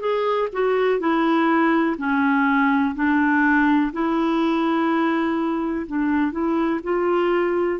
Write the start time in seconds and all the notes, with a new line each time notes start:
0.00 G#4
0.52 F#4
0.99 E4
1.98 C#4
2.95 D4
3.92 E4
5.87 D4
6.32 E4
6.84 F4